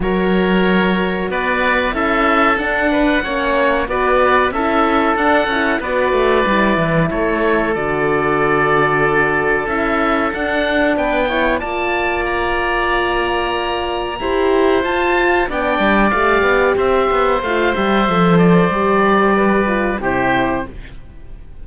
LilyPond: <<
  \new Staff \with { instrumentName = "oboe" } { \time 4/4 \tempo 4 = 93 cis''2 d''4 e''4 | fis''2 d''4 e''4 | fis''4 d''2 cis''4 | d''2. e''4 |
fis''4 g''4 a''4 ais''4~ | ais''2. a''4 | g''4 f''4 e''4 f''8 e''8~ | e''8 d''2~ d''8 c''4 | }
  \new Staff \with { instrumentName = "oboe" } { \time 4/4 ais'2 b'4 a'4~ | a'8 b'8 cis''4 b'4 a'4~ | a'4 b'2 a'4~ | a'1~ |
a'4 b'8 cis''8 d''2~ | d''2 c''2 | d''2 c''2~ | c''2 b'4 g'4 | }
  \new Staff \with { instrumentName = "horn" } { \time 4/4 fis'2. e'4 | d'4 cis'4 fis'4 e'4 | d'8 e'8 fis'4 e'2 | fis'2. e'4 |
d'4. e'8 f'2~ | f'2 g'4 f'4 | d'4 g'2 f'8 g'8 | a'4 g'4. f'8 e'4 | }
  \new Staff \with { instrumentName = "cello" } { \time 4/4 fis2 b4 cis'4 | d'4 ais4 b4 cis'4 | d'8 cis'8 b8 a8 g8 e8 a4 | d2. cis'4 |
d'4 b4 ais2~ | ais2 e'4 f'4 | b8 g8 a8 b8 c'8 b8 a8 g8 | f4 g2 c4 | }
>>